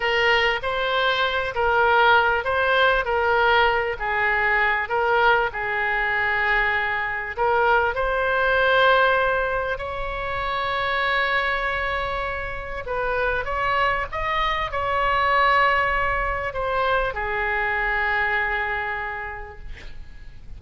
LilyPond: \new Staff \with { instrumentName = "oboe" } { \time 4/4 \tempo 4 = 98 ais'4 c''4. ais'4. | c''4 ais'4. gis'4. | ais'4 gis'2. | ais'4 c''2. |
cis''1~ | cis''4 b'4 cis''4 dis''4 | cis''2. c''4 | gis'1 | }